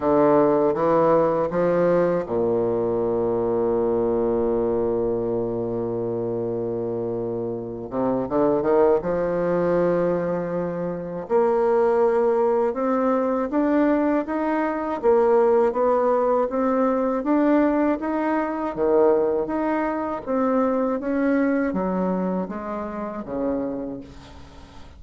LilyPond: \new Staff \with { instrumentName = "bassoon" } { \time 4/4 \tempo 4 = 80 d4 e4 f4 ais,4~ | ais,1~ | ais,2~ ais,8 c8 d8 dis8 | f2. ais4~ |
ais4 c'4 d'4 dis'4 | ais4 b4 c'4 d'4 | dis'4 dis4 dis'4 c'4 | cis'4 fis4 gis4 cis4 | }